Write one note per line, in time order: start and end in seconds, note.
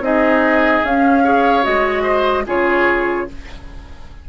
0.00 0.81 C4
0.00 0.84 D#4
0.00 1.24 G#4
0.00 0.86 D#5
0.84 1.66 C#4
0.84 1.25 C#4
0.84 1.65 F5
1.24 1.64 G#4
1.24 2.03 C#5
1.64 2.47 G#3
1.64 2.45 F#4
1.64 2.46 D#5
2.03 2.44 C5
2.47 3.28 C#3
2.47 3.28 F4
2.47 3.28 G#4
2.47 3.30 C#5